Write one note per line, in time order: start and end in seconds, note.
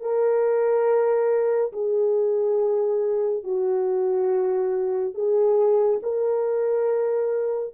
0.00 1.71 A#4
1.72 3.43 G#4
3.43 5.14 F#4
5.14 6.00 G#4
6.02 7.74 A#4